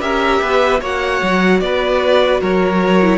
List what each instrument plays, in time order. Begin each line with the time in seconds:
0.00 cello C#4, viola G4, violin A#4 E5
0.41 cello B3, violin B4
0.80 cello A#3, viola F#4, violin C#5 F#5
1.22 cello F#3
1.60 cello B3, violin B4 D5
2.40 cello F#3, violin A#4 C#5
3.02 viola E4